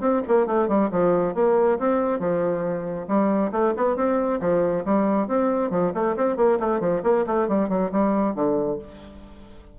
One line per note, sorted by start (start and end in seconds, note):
0.00 0.22 C4
0.28 0.47 A#3
0.47 0.68 A3
0.68 0.90 G3
0.91 1.35 F3
1.35 1.79 A#3
1.79 2.20 C4
2.20 3.07 F3
3.08 3.52 G3
3.52 3.74 A3
3.77 3.96 B3
3.96 4.40 C4
4.41 4.85 F3
4.85 5.28 G3
5.28 5.71 C4
5.71 5.93 F3
5.94 6.16 A3
6.17 6.37 C4
6.37 6.59 A#3
6.60 6.80 A3
6.80 7.02 F3
7.04 7.25 A#3
7.27 7.48 A3
7.48 7.69 G3
7.69 7.91 F#3
7.92 8.35 G3
8.35 8.79 D3